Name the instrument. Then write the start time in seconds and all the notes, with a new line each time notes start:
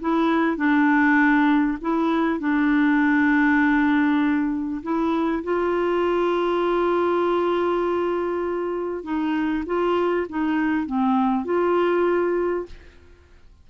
clarinet
0.00 E4
0.56 D4
1.81 E4
2.39 D4
4.82 E4
5.43 F4
9.03 D#4
9.66 F4
10.29 D#4
10.86 C4
11.44 F4